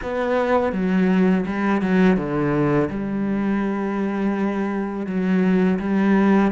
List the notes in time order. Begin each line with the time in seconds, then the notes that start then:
0.02 B3
0.72 F#3
1.46 G3
1.81 F#3
2.17 D3
2.89 G3
5.06 F#3
5.79 G3